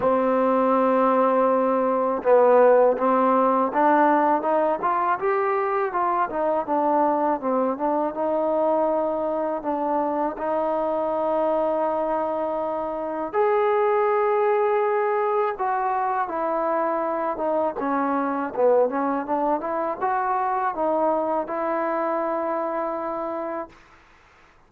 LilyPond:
\new Staff \with { instrumentName = "trombone" } { \time 4/4 \tempo 4 = 81 c'2. b4 | c'4 d'4 dis'8 f'8 g'4 | f'8 dis'8 d'4 c'8 d'8 dis'4~ | dis'4 d'4 dis'2~ |
dis'2 gis'2~ | gis'4 fis'4 e'4. dis'8 | cis'4 b8 cis'8 d'8 e'8 fis'4 | dis'4 e'2. | }